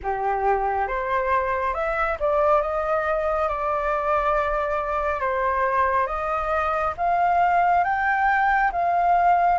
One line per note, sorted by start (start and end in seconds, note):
0.02 0.87 G4
0.87 1.74 C5
1.74 2.17 E5
2.19 2.61 D5
2.61 3.48 D#5
3.48 5.20 D5
5.20 6.06 C5
6.06 6.93 D#5
6.97 7.84 F5
7.84 8.71 G5
8.72 9.58 F5